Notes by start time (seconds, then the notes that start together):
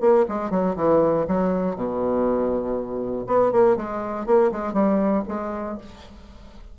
0.00 A#3
0.28 G#3
0.50 F#3
0.76 E3
1.27 F#3
1.75 B2
3.27 B3
3.52 A#3
3.76 G#3
4.26 A#3
4.51 G#3
4.73 G3
5.27 G#3